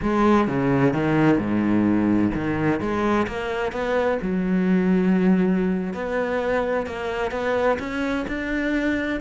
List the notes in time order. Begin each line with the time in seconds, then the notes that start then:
0.02 G#3
0.47 C#3
0.93 D#3
1.38 G#2
2.34 D#3
2.80 G#3
3.27 A#3
3.71 B3
4.22 F#3
5.93 B3
6.86 A#3
7.31 B3
7.79 C#4
8.27 D4